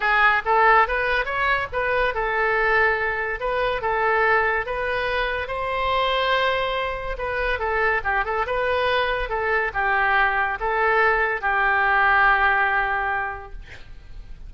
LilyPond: \new Staff \with { instrumentName = "oboe" } { \time 4/4 \tempo 4 = 142 gis'4 a'4 b'4 cis''4 | b'4 a'2. | b'4 a'2 b'4~ | b'4 c''2.~ |
c''4 b'4 a'4 g'8 a'8 | b'2 a'4 g'4~ | g'4 a'2 g'4~ | g'1 | }